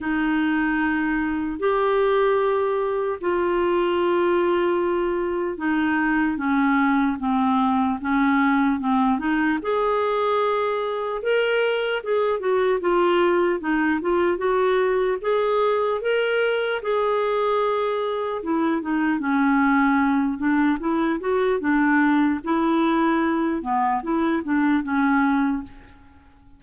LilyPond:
\new Staff \with { instrumentName = "clarinet" } { \time 4/4 \tempo 4 = 75 dis'2 g'2 | f'2. dis'4 | cis'4 c'4 cis'4 c'8 dis'8 | gis'2 ais'4 gis'8 fis'8 |
f'4 dis'8 f'8 fis'4 gis'4 | ais'4 gis'2 e'8 dis'8 | cis'4. d'8 e'8 fis'8 d'4 | e'4. b8 e'8 d'8 cis'4 | }